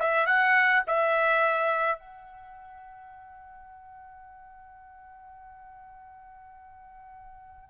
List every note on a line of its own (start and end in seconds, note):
0.00 0.27 E5
0.27 0.84 F#5
0.88 2.00 E5
2.00 7.70 F#5